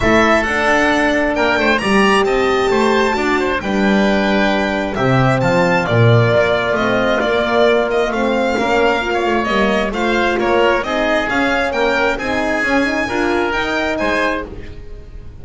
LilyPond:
<<
  \new Staff \with { instrumentName = "violin" } { \time 4/4 \tempo 4 = 133 e''4 fis''2 g''4 | ais''4 a''2. | g''2. e''4 | a''4 d''2 dis''4 |
d''4. dis''8 f''2~ | f''4 dis''4 f''4 cis''4 | dis''4 f''4 g''4 gis''4~ | gis''2 g''4 gis''4 | }
  \new Staff \with { instrumentName = "oboe" } { \time 4/4 a'2. ais'8 c''8 | d''4 dis''4 c''4 d''8 c''8 | b'2. g'4 | f'1~ |
f'2. ais'4~ | ais'16 cis''4.~ cis''16 c''4 ais'4 | gis'2 ais'4 gis'4~ | gis'4 ais'2 c''4 | }
  \new Staff \with { instrumentName = "horn" } { \time 4/4 e'4 d'2. | g'2. fis'4 | d'2. c'4~ | c'4 ais2 c'4 |
ais2 c'4 cis'4 | f'4 ais4 f'2 | dis'4 cis'2 dis'4 | cis'8 dis'8 f'4 dis'2 | }
  \new Staff \with { instrumentName = "double bass" } { \time 4/4 a4 d'2 ais8 a8 | g4 c'4 a4 d'4 | g2. c4 | f4 ais,4 ais4 a4 |
ais2 a4 ais4~ | ais8 a8 g4 a4 ais4 | c'4 cis'4 ais4 c'4 | cis'4 d'4 dis'4 gis4 | }
>>